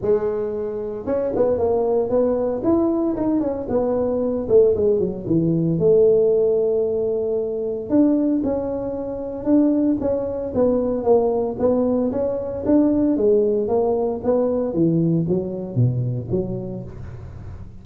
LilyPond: \new Staff \with { instrumentName = "tuba" } { \time 4/4 \tempo 4 = 114 gis2 cis'8 b8 ais4 | b4 e'4 dis'8 cis'8 b4~ | b8 a8 gis8 fis8 e4 a4~ | a2. d'4 |
cis'2 d'4 cis'4 | b4 ais4 b4 cis'4 | d'4 gis4 ais4 b4 | e4 fis4 b,4 fis4 | }